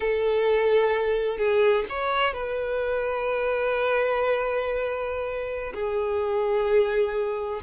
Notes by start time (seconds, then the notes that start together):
0.00 A4
1.38 G#4
1.89 C#5
2.33 B4
5.73 G#4